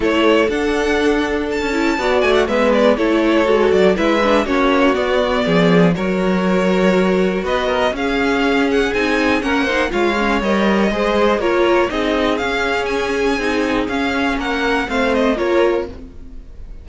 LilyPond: <<
  \new Staff \with { instrumentName = "violin" } { \time 4/4 \tempo 4 = 121 cis''4 fis''2 a''4~ | a''8 gis''16 fis''16 e''8 d''8 cis''4. d''8 | e''4 cis''4 d''2 | cis''2. dis''4 |
f''4. fis''8 gis''4 fis''4 | f''4 dis''2 cis''4 | dis''4 f''4 gis''2 | f''4 fis''4 f''8 dis''8 cis''4 | }
  \new Staff \with { instrumentName = "violin" } { \time 4/4 a'1 | d''4 b'4 a'2 | b'4 fis'2 gis'4 | ais'2. b'8 ais'8 |
gis'2. ais'8 c''8 | cis''2 c''4 ais'4 | gis'1~ | gis'4 ais'4 c''4 ais'4 | }
  \new Staff \with { instrumentName = "viola" } { \time 4/4 e'4 d'2~ d'8 e'8 | fis'4 b4 e'4 fis'4 | e'8 d'8 cis'4 b2 | fis'1 |
cis'2 dis'4 cis'8 dis'8 | f'8 cis'8 ais'4 gis'4 f'4 | dis'4 cis'2 dis'4 | cis'2 c'4 f'4 | }
  \new Staff \with { instrumentName = "cello" } { \time 4/4 a4 d'2~ d'16 cis'8. | b8 a8 gis4 a4 gis8 fis8 | gis4 ais4 b4 f4 | fis2. b4 |
cis'2 c'4 ais4 | gis4 g4 gis4 ais4 | c'4 cis'2 c'4 | cis'4 ais4 a4 ais4 | }
>>